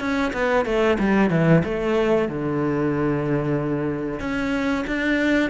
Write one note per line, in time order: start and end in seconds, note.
0.00 0.32 C#4
0.33 0.66 B3
0.66 0.98 A3
0.99 1.30 G3
1.30 1.63 E3
1.65 2.29 A3
2.29 4.20 D3
4.20 4.85 C#4
4.87 5.50 D4